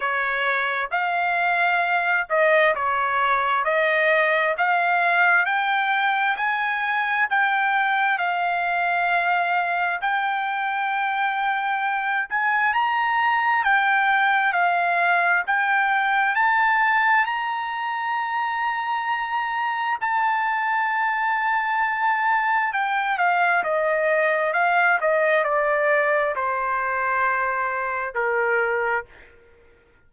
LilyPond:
\new Staff \with { instrumentName = "trumpet" } { \time 4/4 \tempo 4 = 66 cis''4 f''4. dis''8 cis''4 | dis''4 f''4 g''4 gis''4 | g''4 f''2 g''4~ | g''4. gis''8 ais''4 g''4 |
f''4 g''4 a''4 ais''4~ | ais''2 a''2~ | a''4 g''8 f''8 dis''4 f''8 dis''8 | d''4 c''2 ais'4 | }